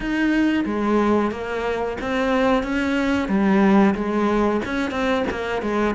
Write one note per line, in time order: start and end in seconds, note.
0.00 0.64 D#4
0.65 1.31 G#3
1.31 1.97 A#3
2.00 2.63 C4
2.63 3.28 C#4
3.28 3.94 G3
3.94 4.60 G#3
4.65 4.91 C#4
4.91 5.24 C4
5.30 5.62 A#3
5.62 5.95 G#3